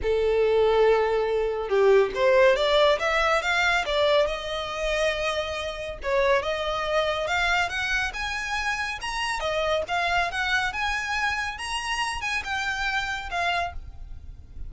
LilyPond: \new Staff \with { instrumentName = "violin" } { \time 4/4 \tempo 4 = 140 a'1 | g'4 c''4 d''4 e''4 | f''4 d''4 dis''2~ | dis''2 cis''4 dis''4~ |
dis''4 f''4 fis''4 gis''4~ | gis''4 ais''4 dis''4 f''4 | fis''4 gis''2 ais''4~ | ais''8 gis''8 g''2 f''4 | }